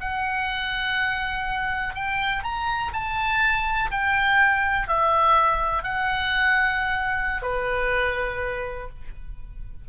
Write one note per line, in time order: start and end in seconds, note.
0.00 1.95 F#5
1.95 2.43 G5
2.43 2.92 A#5
2.93 3.90 A5
3.91 4.88 G5
4.88 5.83 E5
5.83 7.42 F#5
7.42 8.88 B4